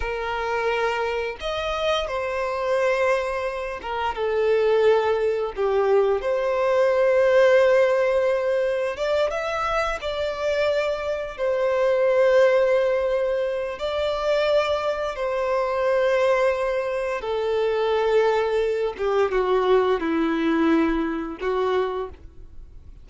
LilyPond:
\new Staff \with { instrumentName = "violin" } { \time 4/4 \tempo 4 = 87 ais'2 dis''4 c''4~ | c''4. ais'8 a'2 | g'4 c''2.~ | c''4 d''8 e''4 d''4.~ |
d''8 c''2.~ c''8 | d''2 c''2~ | c''4 a'2~ a'8 g'8 | fis'4 e'2 fis'4 | }